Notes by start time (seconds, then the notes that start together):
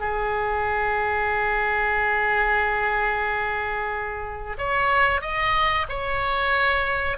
0.00 G#4
4.58 C#5
5.21 D#5
5.89 C#5